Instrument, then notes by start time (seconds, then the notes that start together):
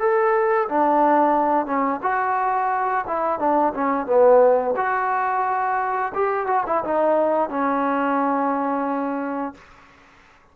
trombone
0.00 A4
0.69 D4
1.66 C#4
2.03 F#4
3.07 E4
3.39 D4
3.74 C#4
4.07 B3
4.77 F#4
6.15 G4
6.47 F#4
6.67 E4
6.84 D#4
7.50 C#4